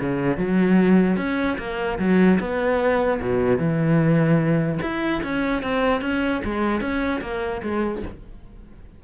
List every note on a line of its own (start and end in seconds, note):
0.00 0.37 C#3
0.37 1.17 F#3
1.17 1.57 C#4
1.58 1.99 A#3
1.99 2.39 F#3
2.40 3.20 B3
3.21 3.58 B2
3.58 4.79 E3
4.82 5.22 E4
5.23 5.62 C#4
5.62 6.01 C4
6.01 6.42 C#4
6.45 6.81 G#3
6.81 7.21 C#4
7.21 7.62 A#3
7.62 8.03 G#3